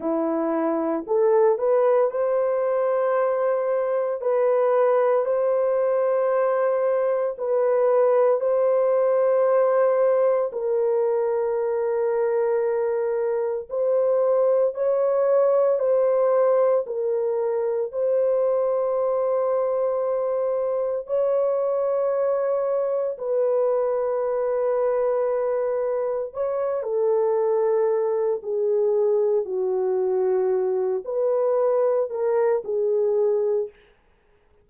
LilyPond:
\new Staff \with { instrumentName = "horn" } { \time 4/4 \tempo 4 = 57 e'4 a'8 b'8 c''2 | b'4 c''2 b'4 | c''2 ais'2~ | ais'4 c''4 cis''4 c''4 |
ais'4 c''2. | cis''2 b'2~ | b'4 cis''8 a'4. gis'4 | fis'4. b'4 ais'8 gis'4 | }